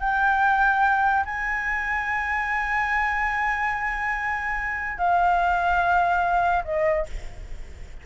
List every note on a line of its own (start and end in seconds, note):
0.00 1.24 G5
1.25 4.98 G#5
4.98 6.63 F5
6.65 7.06 D#5